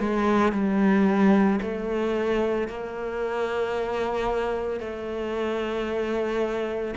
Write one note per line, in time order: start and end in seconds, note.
0.00 0.53 G#3
0.53 1.60 G3
1.62 2.68 A3
2.68 4.80 A#3
4.80 6.94 A3